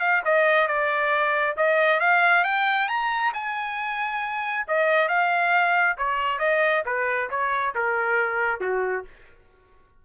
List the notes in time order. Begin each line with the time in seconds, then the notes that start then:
0.00 F5
0.25 D#5
0.68 D5
1.57 D#5
2.00 F5
2.44 G5
2.89 A#5
3.34 G#5
4.68 D#5
5.09 F5
5.98 C#5
6.39 D#5
6.86 B4
7.30 C#5
7.75 A#4
8.60 F#4